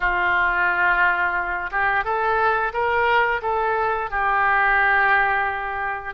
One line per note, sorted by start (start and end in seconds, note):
0.00 1.70 F4
1.71 2.04 G4
2.04 2.72 A4
2.73 3.41 A#4
3.42 4.10 A4
4.10 6.14 G4